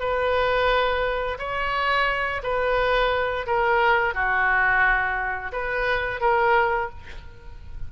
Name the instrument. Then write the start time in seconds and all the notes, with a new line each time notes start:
oboe
0.00 B4
1.39 C#5
2.43 B4
3.46 A#4
4.14 F#4
5.52 B4
6.21 A#4